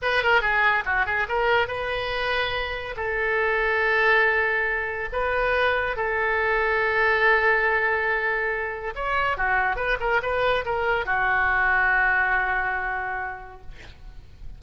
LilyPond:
\new Staff \with { instrumentName = "oboe" } { \time 4/4 \tempo 4 = 141 b'8 ais'8 gis'4 fis'8 gis'8 ais'4 | b'2. a'4~ | a'1 | b'2 a'2~ |
a'1~ | a'4 cis''4 fis'4 b'8 ais'8 | b'4 ais'4 fis'2~ | fis'1 | }